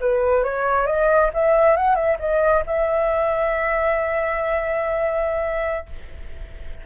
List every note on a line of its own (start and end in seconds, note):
0.00 0.44 B4
0.44 0.86 C#5
0.86 1.30 D#5
1.33 1.76 E5
1.76 1.95 F#5
1.95 2.17 E5
2.19 2.63 D#5
2.66 5.86 E5